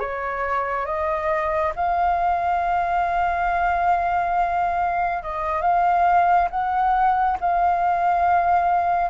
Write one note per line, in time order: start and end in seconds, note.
0.00 0.86 C#5
0.86 1.73 D#5
1.76 5.23 F5
5.23 5.62 D#5
5.62 6.49 F5
6.51 7.38 F#5
7.41 9.11 F5